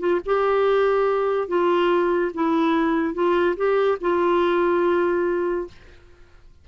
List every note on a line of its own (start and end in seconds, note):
0.00 0.21 F4
0.26 1.48 G4
1.48 2.32 F4
2.34 3.14 E4
3.14 3.56 F4
3.57 3.98 G4
4.01 5.68 F4